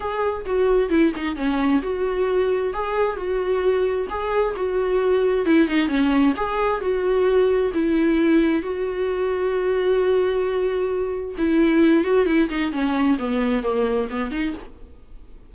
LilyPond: \new Staff \with { instrumentName = "viola" } { \time 4/4 \tempo 4 = 132 gis'4 fis'4 e'8 dis'8 cis'4 | fis'2 gis'4 fis'4~ | fis'4 gis'4 fis'2 | e'8 dis'8 cis'4 gis'4 fis'4~ |
fis'4 e'2 fis'4~ | fis'1~ | fis'4 e'4. fis'8 e'8 dis'8 | cis'4 b4 ais4 b8 dis'8 | }